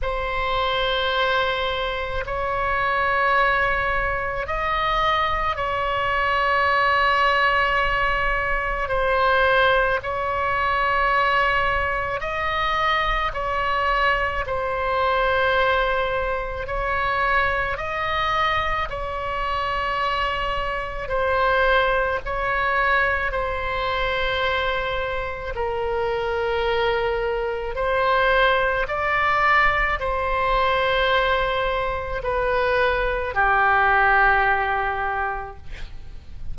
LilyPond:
\new Staff \with { instrumentName = "oboe" } { \time 4/4 \tempo 4 = 54 c''2 cis''2 | dis''4 cis''2. | c''4 cis''2 dis''4 | cis''4 c''2 cis''4 |
dis''4 cis''2 c''4 | cis''4 c''2 ais'4~ | ais'4 c''4 d''4 c''4~ | c''4 b'4 g'2 | }